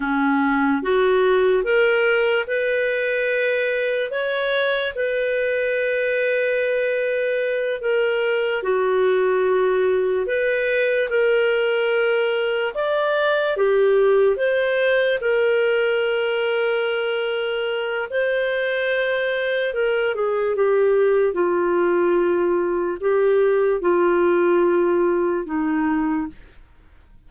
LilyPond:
\new Staff \with { instrumentName = "clarinet" } { \time 4/4 \tempo 4 = 73 cis'4 fis'4 ais'4 b'4~ | b'4 cis''4 b'2~ | b'4. ais'4 fis'4.~ | fis'8 b'4 ais'2 d''8~ |
d''8 g'4 c''4 ais'4.~ | ais'2 c''2 | ais'8 gis'8 g'4 f'2 | g'4 f'2 dis'4 | }